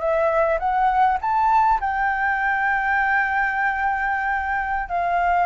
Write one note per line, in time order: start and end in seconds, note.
0.00 0.59 E5
0.59 1.18 F#5
1.21 1.80 A5
1.81 4.89 G5
4.89 5.47 F5